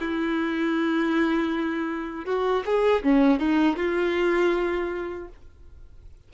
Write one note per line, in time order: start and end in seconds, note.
0.00 2.26 E4
2.26 2.64 F#4
2.65 3.03 G#4
3.03 3.40 C#4
3.40 3.77 D#4
3.77 5.29 F4